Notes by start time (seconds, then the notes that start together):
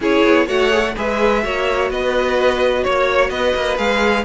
0.00 C#4 E4 G#4 C#5
0.24 B3
0.46 A3 F#4 C#5 F#5
0.71 G#4
0.82 A4
0.96 G#3 G#4 B4 E5
1.42 A#3 F#4 C#5
1.90 B3 B4 D#5
2.83 A#3 C#5
3.30 B3 B4 D#5
3.55 A#3
3.76 G#3 G#4 F5